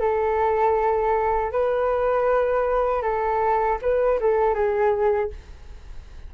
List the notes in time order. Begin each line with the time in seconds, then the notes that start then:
0.00 A4
1.52 B4
3.02 A4
3.81 B4
4.20 A4
4.54 G#4